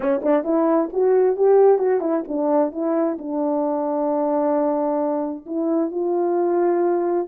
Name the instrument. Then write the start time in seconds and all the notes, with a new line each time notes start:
horn
0.00 C#4
0.22 D4
0.44 E4
0.92 F#4
1.36 G4
1.78 F#4
2.00 E4
2.27 D4
2.71 E4
3.18 D4
5.45 E4
5.91 F4